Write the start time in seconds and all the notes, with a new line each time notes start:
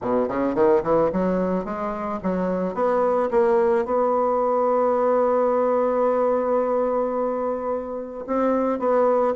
0.02 B2
0.28 C#3
0.54 D#3
0.83 E3
1.12 F#3
1.64 G#3
2.22 F#3
2.74 B3
3.30 A#3
3.85 B3
8.26 C4
8.79 B3